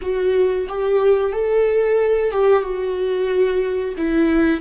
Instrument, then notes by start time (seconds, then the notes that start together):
viola
0.01 F#4
0.68 G4
1.32 A4
2.31 G4
2.63 F#4
3.97 E4